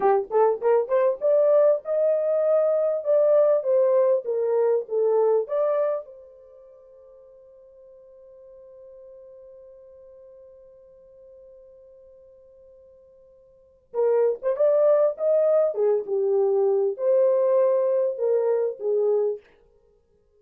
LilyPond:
\new Staff \with { instrumentName = "horn" } { \time 4/4 \tempo 4 = 99 g'8 a'8 ais'8 c''8 d''4 dis''4~ | dis''4 d''4 c''4 ais'4 | a'4 d''4 c''2~ | c''1~ |
c''1~ | c''2. ais'8. c''16 | d''4 dis''4 gis'8 g'4. | c''2 ais'4 gis'4 | }